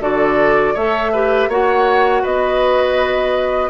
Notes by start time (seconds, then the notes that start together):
0.00 D3 F#4 A4 D5
0.74 A3 A4 C#5 E5
1.12 G4 B4
1.48 A#3 F#4 C#5 F#5
2.22 B3 B4 D#5